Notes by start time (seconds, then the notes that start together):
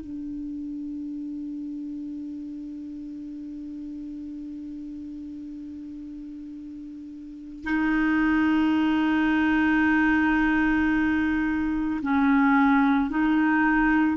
0.00 D4
7.64 D#4
12.02 C#4
13.10 D#4